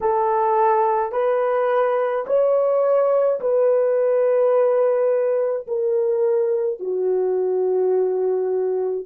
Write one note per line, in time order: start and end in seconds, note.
0.01 1.12 A4
1.12 2.25 B4
2.26 3.40 C#5
3.40 5.66 B4
5.67 6.79 A#4
6.79 9.05 F#4